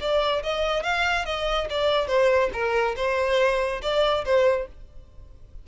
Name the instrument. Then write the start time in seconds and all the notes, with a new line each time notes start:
violin
0.00 D5
0.43 D#5
0.83 F5
1.25 D#5
1.70 D5
2.07 C5
2.53 A#4
2.96 C5
3.82 D5
4.25 C5